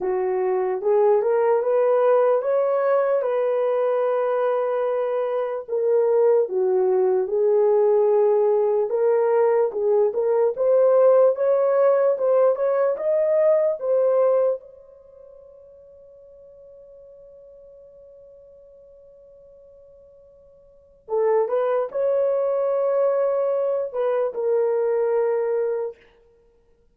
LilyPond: \new Staff \with { instrumentName = "horn" } { \time 4/4 \tempo 4 = 74 fis'4 gis'8 ais'8 b'4 cis''4 | b'2. ais'4 | fis'4 gis'2 ais'4 | gis'8 ais'8 c''4 cis''4 c''8 cis''8 |
dis''4 c''4 cis''2~ | cis''1~ | cis''2 a'8 b'8 cis''4~ | cis''4. b'8 ais'2 | }